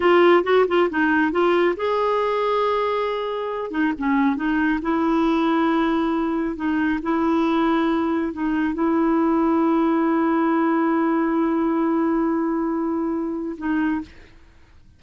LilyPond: \new Staff \with { instrumentName = "clarinet" } { \time 4/4 \tempo 4 = 137 f'4 fis'8 f'8 dis'4 f'4 | gis'1~ | gis'8 dis'8 cis'4 dis'4 e'4~ | e'2. dis'4 |
e'2. dis'4 | e'1~ | e'1~ | e'2. dis'4 | }